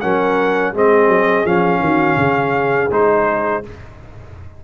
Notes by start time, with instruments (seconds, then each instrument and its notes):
0.00 tuba F#3, trombone C#4, horn A#4, trumpet F#5
0.72 tuba G#3, trombone C4, horn G#4, trumpet D#5
1.07 tuba F#3
1.45 tuba F3, trombone C#4, trumpet F5
1.79 tuba D#3, horn F#4
2.16 tuba C#3, horn G#4
2.90 tuba G#3, trombone D#4, trumpet C5